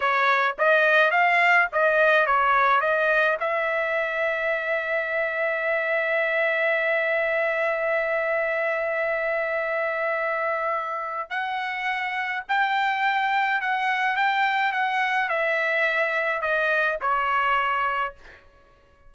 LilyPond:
\new Staff \with { instrumentName = "trumpet" } { \time 4/4 \tempo 4 = 106 cis''4 dis''4 f''4 dis''4 | cis''4 dis''4 e''2~ | e''1~ | e''1~ |
e''1 | fis''2 g''2 | fis''4 g''4 fis''4 e''4~ | e''4 dis''4 cis''2 | }